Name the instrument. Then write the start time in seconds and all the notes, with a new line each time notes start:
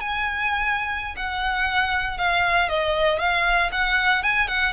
violin
0.00 G#5
1.16 F#5
2.18 F5
2.69 D#5
3.19 F5
3.72 F#5
4.23 G#5
4.48 F#5